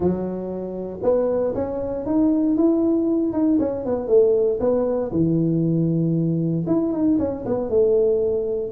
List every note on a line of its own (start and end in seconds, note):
0.00 0.99 F#3
1.03 1.54 B3
1.55 2.05 C#4
2.05 2.56 D#4
2.56 3.32 E4
3.32 3.58 D#4
3.59 3.85 C#4
3.85 4.07 B3
4.07 4.59 A3
4.59 5.11 B3
5.11 6.65 E3
6.67 6.92 E4
6.92 7.18 D#4
7.18 7.44 C#4
7.45 7.69 B3
7.69 8.72 A3